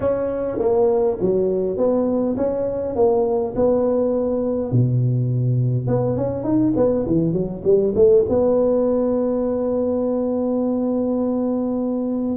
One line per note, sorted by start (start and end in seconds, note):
0.00 0.59 C#4
0.59 1.18 A#3
1.21 1.77 F#3
1.77 2.36 B3
2.36 2.95 C#4
2.95 3.54 A#3
3.55 4.71 B3
4.71 5.87 B2
5.87 6.16 B3
6.17 6.43 C#4
6.43 6.73 D#4
6.76 7.06 B3
7.06 7.33 E3
7.33 7.62 F#3
7.64 7.93 G3
7.95 8.24 A3
8.28 12.37 B3